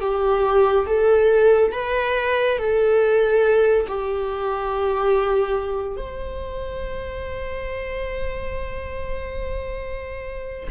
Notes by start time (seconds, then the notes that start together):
0.00 G4
0.86 A4
1.72 B4
2.58 A4
3.87 G4
5.96 C5